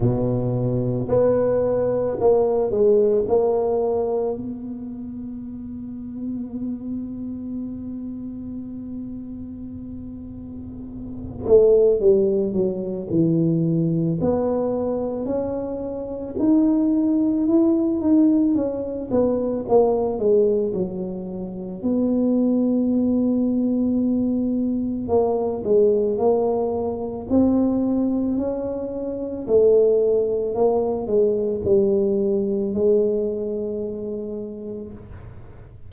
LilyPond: \new Staff \with { instrumentName = "tuba" } { \time 4/4 \tempo 4 = 55 b,4 b4 ais8 gis8 ais4 | b1~ | b2~ b8 a8 g8 fis8 | e4 b4 cis'4 dis'4 |
e'8 dis'8 cis'8 b8 ais8 gis8 fis4 | b2. ais8 gis8 | ais4 c'4 cis'4 a4 | ais8 gis8 g4 gis2 | }